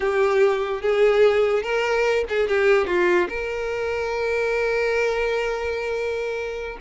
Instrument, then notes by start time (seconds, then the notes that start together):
violin
0.00 G4
0.81 G#4
1.63 A#4
2.28 G#4
2.48 G4
2.87 F4
3.28 A#4